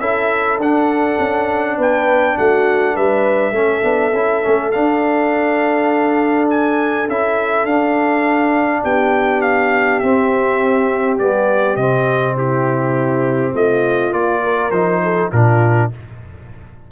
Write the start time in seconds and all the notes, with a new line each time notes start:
0.00 C#4 E4 A4 E5
0.59 D4 F#5
1.19 C#4
1.78 B3 B4 G5
2.38 A3 F#4 F#5
2.95 G3 B4 E5
3.52 A3 C#4 A4
3.82 B3 D4
4.13 C#4 E4
4.43 A3 C#4
4.72 D4 F5
6.50 G#5
7.08 C#4 E4 E5
7.65 D4 F5
8.83 B3 G4 G5
9.42 F5
10.00 C4 E5
11.19 G3 B3 D5
11.76 C3 C4 D#5
12.37 E4 G4
13.54 A3 F4 D#5
14.12 A#3 F4 D5
14.44 A#4
14.71 F3 D#4 C5
15.04 A4
15.32 A#2 D4 F4 A#4